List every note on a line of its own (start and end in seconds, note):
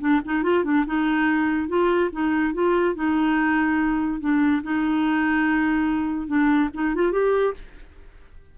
0.00 0.21 D4
0.25 0.43 D#4
0.43 0.64 F4
0.64 0.85 D4
0.86 1.68 D#4
1.68 2.10 F4
2.12 2.53 D#4
2.53 2.95 F4
2.95 4.20 D#4
4.20 4.62 D4
4.63 6.27 D#4
6.27 6.69 D4
6.74 6.95 D#4
6.95 7.12 F4
7.12 7.54 G4